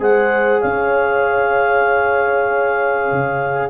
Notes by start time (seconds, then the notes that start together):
0.00 G#3 G#4 C5 F#5
0.61 C#4 C#5 F5
3.12 C#3